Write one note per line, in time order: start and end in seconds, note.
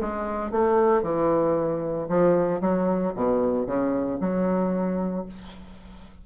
0.00 0.50 G#3
0.50 1.02 A3
1.02 2.07 E3
2.08 2.60 F3
2.60 3.13 F#3
3.15 3.66 B2
3.66 4.19 C#3
4.20 5.25 F#3